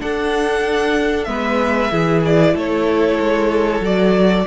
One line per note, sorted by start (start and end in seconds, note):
0.00 1.27 D4
0.00 1.28 D4
0.00 1.30 A4
0.00 1.24 F#5
1.24 1.92 G#3
1.24 1.91 B3
1.24 1.92 B4
1.24 2.20 E5
1.92 2.55 E3
1.92 3.83 E4
1.92 2.54 G#4
2.26 2.58 D5
2.54 3.19 A3
2.54 4.46 A4
2.54 3.85 C#5
3.20 3.81 G#3
3.81 4.45 F#3
3.81 4.47 F#4
3.81 4.47 D5